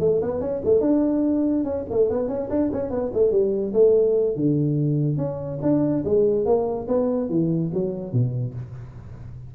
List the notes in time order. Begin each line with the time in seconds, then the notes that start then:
0.00 A3
0.22 B3
0.41 C#4
0.65 A3
0.81 D4
1.64 C#4
1.90 A3
2.10 B3
2.28 C#4
2.50 D4
2.73 C#4
2.90 B3
3.13 A3
3.31 G3
3.73 A3
4.36 D3
5.17 C#4
5.62 D4
6.05 G#3
6.45 A#3
6.88 B3
7.29 E3
7.74 F#3
8.12 B2